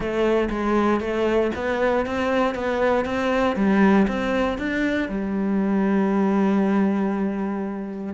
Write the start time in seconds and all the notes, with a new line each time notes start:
0.00 A3
0.50 G#3
1.00 A3
1.55 B3
2.06 C4
2.54 B3
3.05 C4
3.55 G3
4.07 C4
4.57 D4
5.08 G3